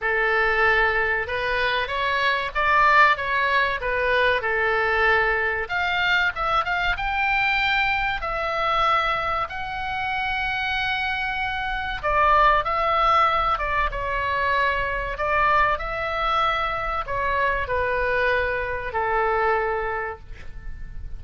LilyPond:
\new Staff \with { instrumentName = "oboe" } { \time 4/4 \tempo 4 = 95 a'2 b'4 cis''4 | d''4 cis''4 b'4 a'4~ | a'4 f''4 e''8 f''8 g''4~ | g''4 e''2 fis''4~ |
fis''2. d''4 | e''4. d''8 cis''2 | d''4 e''2 cis''4 | b'2 a'2 | }